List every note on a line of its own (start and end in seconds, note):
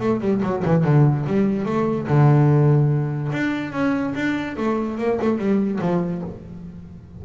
0.00 0.21 A3
0.21 0.42 G3
0.43 0.64 F#3
0.65 0.84 E3
0.84 1.26 D3
1.27 1.66 G3
1.66 2.07 A3
2.08 3.32 D3
3.32 3.73 D4
3.73 4.14 C#4
4.15 4.57 D4
4.57 4.98 A3
4.98 5.19 A#3
5.22 5.38 A3
5.38 5.80 G3
5.81 6.23 F3